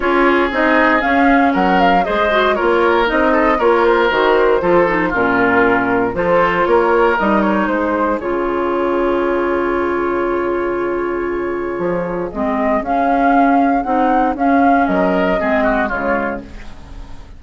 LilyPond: <<
  \new Staff \with { instrumentName = "flute" } { \time 4/4 \tempo 4 = 117 cis''4 dis''4 f''4 fis''8 f''8 | dis''4 cis''4 dis''4 cis''8 c''8~ | c''2 ais'2 | c''4 cis''4 dis''8 cis''8 c''4 |
cis''1~ | cis''1 | dis''4 f''2 fis''4 | f''4 dis''2 cis''4 | }
  \new Staff \with { instrumentName = "oboe" } { \time 4/4 gis'2. ais'4 | c''4 ais'4. a'8 ais'4~ | ais'4 a'4 f'2 | a'4 ais'2 gis'4~ |
gis'1~ | gis'1~ | gis'1~ | gis'4 ais'4 gis'8 fis'8 f'4 | }
  \new Staff \with { instrumentName = "clarinet" } { \time 4/4 f'4 dis'4 cis'2 | gis'8 fis'8 f'4 dis'4 f'4 | fis'4 f'8 dis'8 cis'2 | f'2 dis'2 |
f'1~ | f'1 | c'4 cis'2 dis'4 | cis'2 c'4 gis4 | }
  \new Staff \with { instrumentName = "bassoon" } { \time 4/4 cis'4 c'4 cis'4 fis4 | gis4 ais4 c'4 ais4 | dis4 f4 ais,2 | f4 ais4 g4 gis4 |
cis1~ | cis2. f4 | gis4 cis'2 c'4 | cis'4 fis4 gis4 cis4 | }
>>